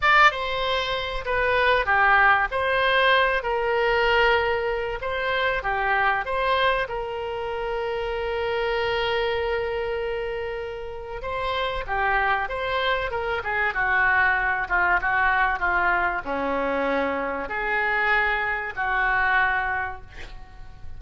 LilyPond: \new Staff \with { instrumentName = "oboe" } { \time 4/4 \tempo 4 = 96 d''8 c''4. b'4 g'4 | c''4. ais'2~ ais'8 | c''4 g'4 c''4 ais'4~ | ais'1~ |
ais'2 c''4 g'4 | c''4 ais'8 gis'8 fis'4. f'8 | fis'4 f'4 cis'2 | gis'2 fis'2 | }